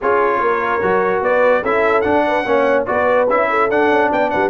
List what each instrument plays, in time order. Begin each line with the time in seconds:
0.01 tuba C#4, trombone F4, horn G#4, trumpet C#5
0.40 tuba A#3, horn A#4
0.81 tuba F#3, trombone F#4
1.21 tuba B3, horn B4, trumpet D5
1.61 tuba C#4, trombone E4, horn A4, trumpet E5
2.01 trombone D4, tuba D4, trumpet F#5
2.26 horn B4
2.45 tuba A#3, trombone C#4, horn C#5
2.86 tuba B3, trombone F#4, horn B4, trumpet D5
3.29 tuba C#4, trombone E4, trumpet E5
3.50 horn A4
3.69 tuba D4, trombone D4, trumpet F#5
3.90 tuba C#4
4.11 tuba B3, horn D5, trumpet G5
4.30 tuba G3, horn B4, trumpet F#5